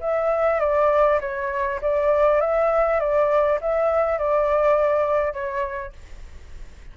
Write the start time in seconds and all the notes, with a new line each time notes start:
0.00 E5
0.60 D5
1.21 C#5
1.81 D5
2.40 E5
2.99 D5
3.61 E5
4.18 D5
5.33 C#5